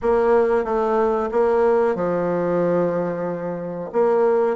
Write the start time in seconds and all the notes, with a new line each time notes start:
0.01 A#3
0.64 A3
1.31 A#3
1.95 F3
3.92 A#3